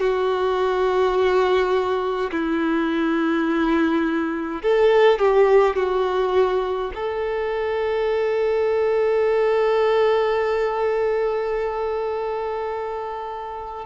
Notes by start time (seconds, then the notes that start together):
0.00 F#4
2.31 E4
4.63 A4
5.19 G4
5.76 F#4
6.94 A4